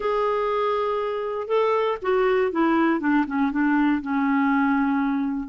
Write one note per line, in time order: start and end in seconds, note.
0.00 1.47 G#4
1.47 1.97 A4
2.01 2.51 F#4
2.51 3.00 E4
3.00 3.25 D4
3.26 3.51 C#4
3.51 4.01 D4
4.01 5.48 C#4